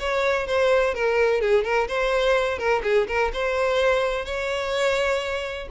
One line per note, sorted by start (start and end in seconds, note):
0.00 0.47 C#5
0.47 0.95 C5
0.95 1.41 A#4
1.41 1.64 G#4
1.64 1.88 A#4
1.88 2.58 C5
2.58 2.82 A#4
2.84 3.07 G#4
3.08 3.32 A#4
3.34 4.26 C5
4.26 5.68 C#5